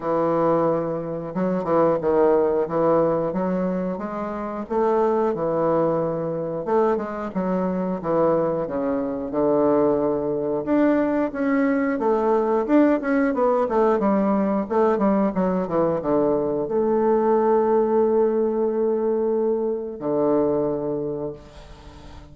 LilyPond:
\new Staff \with { instrumentName = "bassoon" } { \time 4/4 \tempo 4 = 90 e2 fis8 e8 dis4 | e4 fis4 gis4 a4 | e2 a8 gis8 fis4 | e4 cis4 d2 |
d'4 cis'4 a4 d'8 cis'8 | b8 a8 g4 a8 g8 fis8 e8 | d4 a2.~ | a2 d2 | }